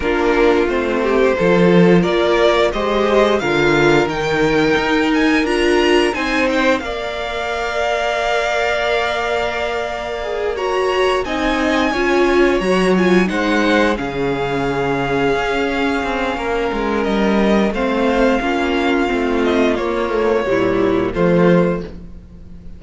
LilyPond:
<<
  \new Staff \with { instrumentName = "violin" } { \time 4/4 \tempo 4 = 88 ais'4 c''2 d''4 | dis''4 f''4 g''4. gis''8 | ais''4 gis''8 g''8 f''2~ | f''2.~ f''8 ais''8~ |
ais''8 gis''2 ais''8 gis''8 fis''8~ | fis''8 f''2.~ f''8~ | f''4 dis''4 f''2~ | f''8 dis''8 cis''2 c''4 | }
  \new Staff \with { instrumentName = "violin" } { \time 4/4 f'4. g'8 a'4 ais'4 | c''4 ais'2.~ | ais'4 c''4 d''2~ | d''2.~ d''8 cis''8~ |
cis''8 dis''4 cis''2 c''8~ | c''8 gis'2.~ gis'8 | ais'2 c''4 f'4~ | f'2 e'4 f'4 | }
  \new Staff \with { instrumentName = "viola" } { \time 4/4 d'4 c'4 f'2 | g'4 f'4 dis'2 | f'4 dis'4 ais'2~ | ais'2. gis'8 fis'8~ |
fis'8 dis'4 f'4 fis'8 f'8 dis'8~ | dis'8 cis'2.~ cis'8~ | cis'2 c'4 cis'4 | c'4 ais8 a8 g4 a4 | }
  \new Staff \with { instrumentName = "cello" } { \time 4/4 ais4 a4 f4 ais4 | gis4 d4 dis4 dis'4 | d'4 c'4 ais2~ | ais1~ |
ais8 c'4 cis'4 fis4 gis8~ | gis8 cis2 cis'4 c'8 | ais8 gis8 g4 a4 ais4 | a4 ais4 ais,4 f4 | }
>>